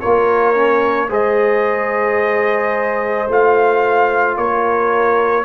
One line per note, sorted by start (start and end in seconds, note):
0.00 1.10 A#3
0.00 0.55 F4
0.00 1.09 A#4
0.00 1.09 C#5
0.55 1.09 C#4
1.09 3.28 G#3
1.09 3.27 G#4
1.09 4.36 C5
1.09 3.31 D#5
3.28 4.37 A3
3.28 5.45 F4
3.28 4.37 F5
4.37 5.45 A#3
4.37 5.45 A#4
4.37 5.45 C#5